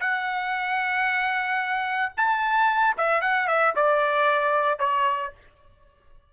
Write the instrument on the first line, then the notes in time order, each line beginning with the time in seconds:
trumpet
0.00 F#5
2.17 A5
2.97 E5
3.21 F#5
3.48 E5
3.76 D5
4.79 C#5